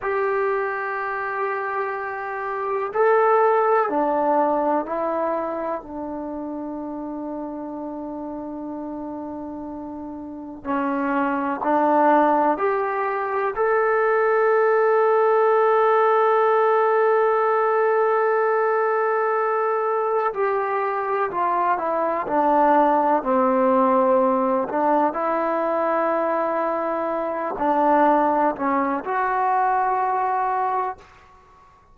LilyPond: \new Staff \with { instrumentName = "trombone" } { \time 4/4 \tempo 4 = 62 g'2. a'4 | d'4 e'4 d'2~ | d'2. cis'4 | d'4 g'4 a'2~ |
a'1~ | a'4 g'4 f'8 e'8 d'4 | c'4. d'8 e'2~ | e'8 d'4 cis'8 fis'2 | }